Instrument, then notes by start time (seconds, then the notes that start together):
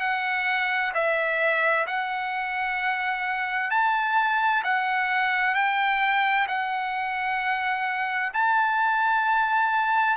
trumpet
0.00 F#5
0.94 E5
1.87 F#5
3.71 A5
4.64 F#5
5.55 G5
6.48 F#5
8.33 A5